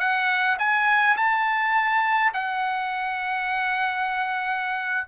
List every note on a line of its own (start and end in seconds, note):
0.00 0.58 F#5
0.59 1.16 G#5
1.17 2.33 A5
2.34 5.08 F#5